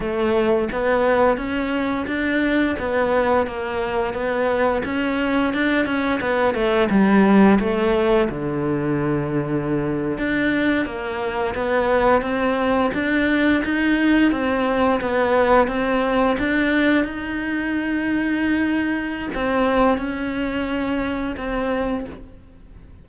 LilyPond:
\new Staff \with { instrumentName = "cello" } { \time 4/4 \tempo 4 = 87 a4 b4 cis'4 d'4 | b4 ais4 b4 cis'4 | d'8 cis'8 b8 a8 g4 a4 | d2~ d8. d'4 ais16~ |
ais8. b4 c'4 d'4 dis'16~ | dis'8. c'4 b4 c'4 d'16~ | d'8. dis'2.~ dis'16 | c'4 cis'2 c'4 | }